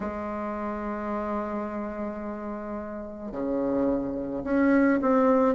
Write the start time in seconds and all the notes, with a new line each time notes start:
0.00 G#3
3.31 C#3
4.44 C#4
5.02 C4